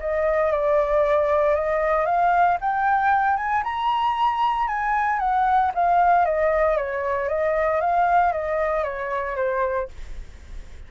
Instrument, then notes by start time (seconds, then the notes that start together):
flute
0.00 D#5
0.52 D5
1.55 D#5
2.05 F5
2.61 G5
3.37 G#5
3.64 A#5
4.68 G#5
5.19 F#5
5.74 F5
6.25 D#5
6.77 C#5
7.28 D#5
7.80 F5
8.32 D#5
8.84 C#5
9.36 C5